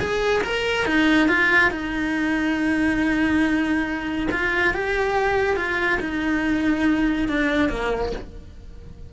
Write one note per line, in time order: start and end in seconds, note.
0.00 0.43 G#4
0.44 0.86 A#4
0.86 1.29 D#4
1.29 1.71 F4
1.71 4.29 D#4
4.31 4.74 F4
4.74 5.57 G4
5.57 6.00 F4
6.00 7.29 D#4
7.29 7.70 D4
7.70 8.13 A#3